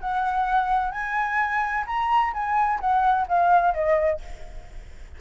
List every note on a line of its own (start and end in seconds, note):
0.00 0.91 F#5
0.91 1.84 G#5
1.86 2.33 A#5
2.33 2.80 G#5
2.80 3.27 F#5
3.28 3.74 F5
3.74 4.21 D#5